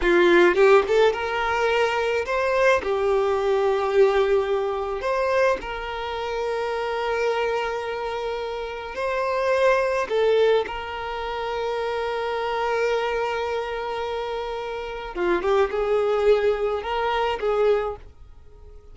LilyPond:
\new Staff \with { instrumentName = "violin" } { \time 4/4 \tempo 4 = 107 f'4 g'8 a'8 ais'2 | c''4 g'2.~ | g'4 c''4 ais'2~ | ais'1 |
c''2 a'4 ais'4~ | ais'1~ | ais'2. f'8 g'8 | gis'2 ais'4 gis'4 | }